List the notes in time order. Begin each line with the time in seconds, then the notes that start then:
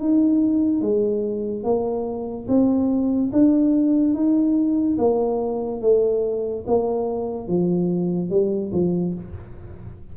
0.00 D#4
0.81 G#3
1.64 A#3
2.48 C4
3.33 D4
4.14 D#4
4.98 A#3
5.82 A3
6.67 A#3
7.48 F3
8.30 G3
8.73 F3